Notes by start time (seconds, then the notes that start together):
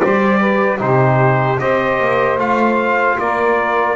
0.00 G3 G4 C5 D5
0.40 B4
0.79 C3 D#4 G4 C5
1.60 C4 G4 C5 D#5
2.01 A#3
2.38 A3 F4 F5
3.18 A#3 A#4 D5